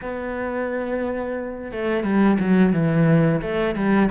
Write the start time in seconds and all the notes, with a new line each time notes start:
0.01 B3
1.71 A3
2.03 G3
2.39 F#3
2.72 E3
3.41 A3
3.75 G3